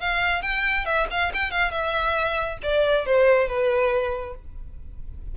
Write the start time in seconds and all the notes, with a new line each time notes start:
0.00 F5
0.42 G5
0.85 E5
1.10 F5
1.33 G5
1.51 F5
1.71 E5
2.62 D5
3.06 C5
3.48 B4